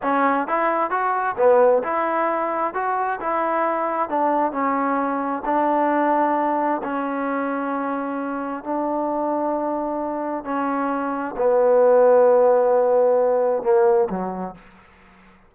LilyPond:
\new Staff \with { instrumentName = "trombone" } { \time 4/4 \tempo 4 = 132 cis'4 e'4 fis'4 b4 | e'2 fis'4 e'4~ | e'4 d'4 cis'2 | d'2. cis'4~ |
cis'2. d'4~ | d'2. cis'4~ | cis'4 b2.~ | b2 ais4 fis4 | }